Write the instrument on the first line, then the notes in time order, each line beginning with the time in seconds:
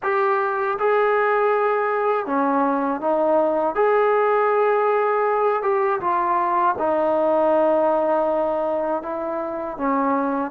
trombone
0.02 G4
0.79 G#4
2.25 C#4
3.00 D#4
3.75 G#4
5.62 G4
6.00 F4
6.78 D#4
9.02 E4
9.77 C#4